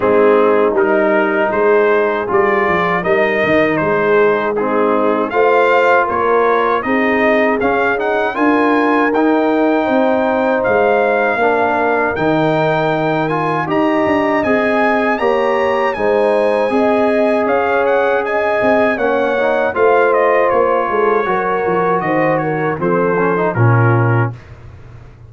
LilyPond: <<
  \new Staff \with { instrumentName = "trumpet" } { \time 4/4 \tempo 4 = 79 gis'4 ais'4 c''4 d''4 | dis''4 c''4 gis'4 f''4 | cis''4 dis''4 f''8 fis''8 gis''4 | g''2 f''2 |
g''4. gis''8 ais''4 gis''4 | ais''4 gis''2 f''8 fis''8 | gis''4 fis''4 f''8 dis''8 cis''4~ | cis''4 dis''8 cis''8 c''4 ais'4 | }
  \new Staff \with { instrumentName = "horn" } { \time 4/4 dis'2 gis'2 | ais'4 gis'4 dis'4 c''4 | ais'4 gis'2 ais'4~ | ais'4 c''2 ais'4~ |
ais'2 dis''2 | cis''4 c''4 dis''4 cis''4 | dis''4 cis''4 c''4. a'8 | ais'4 c''8 ais'8 a'4 f'4 | }
  \new Staff \with { instrumentName = "trombone" } { \time 4/4 c'4 dis'2 f'4 | dis'2 c'4 f'4~ | f'4 dis'4 cis'8 dis'8 f'4 | dis'2. d'4 |
dis'4. f'8 g'4 gis'4 | g'4 dis'4 gis'2~ | gis'4 cis'8 dis'8 f'2 | fis'2 c'8 cis'16 dis'16 cis'4 | }
  \new Staff \with { instrumentName = "tuba" } { \time 4/4 gis4 g4 gis4 g8 f8 | g8 dis8 gis2 a4 | ais4 c'4 cis'4 d'4 | dis'4 c'4 gis4 ais4 |
dis2 dis'8 d'8 c'4 | ais4 gis4 c'4 cis'4~ | cis'8 c'8 ais4 a4 ais8 gis8 | fis8 f8 dis4 f4 ais,4 | }
>>